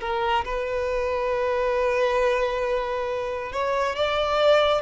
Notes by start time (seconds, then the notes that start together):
0.00 A#4
0.45 B4
3.53 C#5
3.95 D5